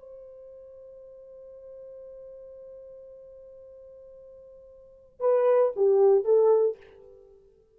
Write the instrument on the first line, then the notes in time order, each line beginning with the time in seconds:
horn
0.00 C5
5.20 B4
5.77 G4
6.25 A4